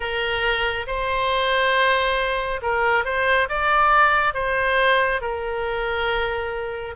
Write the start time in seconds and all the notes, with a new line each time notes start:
0.00 A#4
0.87 C5
2.62 A#4
3.04 C5
3.49 D5
4.34 C5
5.21 A#4